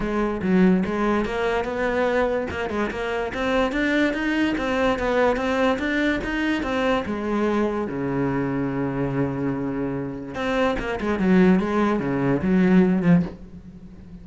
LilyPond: \new Staff \with { instrumentName = "cello" } { \time 4/4 \tempo 4 = 145 gis4 fis4 gis4 ais4 | b2 ais8 gis8 ais4 | c'4 d'4 dis'4 c'4 | b4 c'4 d'4 dis'4 |
c'4 gis2 cis4~ | cis1~ | cis4 c'4 ais8 gis8 fis4 | gis4 cis4 fis4. f8 | }